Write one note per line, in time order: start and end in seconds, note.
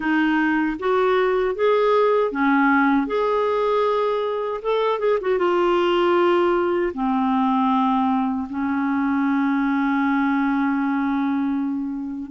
0.00 0.77 D#4
0.79 1.55 F#4
1.55 2.31 G#4
2.31 3.06 C#4
3.06 4.60 G#4
4.62 4.99 A4
4.99 5.18 G#4
5.21 5.38 F#4
5.38 6.92 F4
6.94 8.48 C4
8.49 12.30 C#4